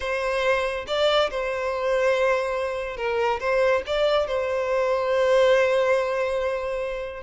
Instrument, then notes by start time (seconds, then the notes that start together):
violin
0.00 C5
0.87 D5
1.30 C5
2.97 A#4
3.39 C5
3.86 D5
4.27 C5